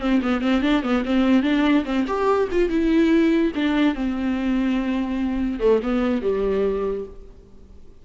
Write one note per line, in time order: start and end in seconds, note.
0.00 0.21 C4
0.22 0.41 B3
0.41 0.62 C4
0.62 0.83 D4
0.83 1.03 B3
1.05 1.43 C4
1.43 1.84 D4
1.85 2.05 C4
2.07 2.48 G4
2.51 2.69 F4
2.69 3.52 E4
3.55 3.94 D4
3.94 5.59 C4
5.59 5.80 A3
5.83 6.22 B3
6.22 7.05 G3